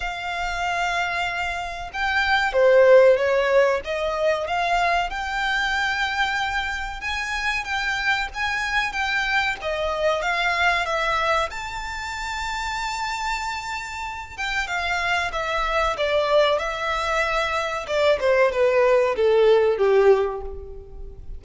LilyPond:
\new Staff \with { instrumentName = "violin" } { \time 4/4 \tempo 4 = 94 f''2. g''4 | c''4 cis''4 dis''4 f''4 | g''2. gis''4 | g''4 gis''4 g''4 dis''4 |
f''4 e''4 a''2~ | a''2~ a''8 g''8 f''4 | e''4 d''4 e''2 | d''8 c''8 b'4 a'4 g'4 | }